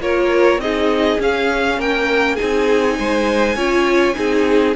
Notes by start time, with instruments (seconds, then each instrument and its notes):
0.00 cello A#3, viola F4, violin A#4 C#5
0.58 cello C4, viola D#4, violin G#4 D#5
1.20 viola C#4, cello C#4, violin F5
1.78 cello A#3, violin A#4 G5
2.36 viola D#4, violin G#4 G#5
2.42 cello C4
2.99 cello G#3, violin C5
3.56 cello C#4, viola F4, violin C#5
4.15 cello C4, viola D#4, violin G#4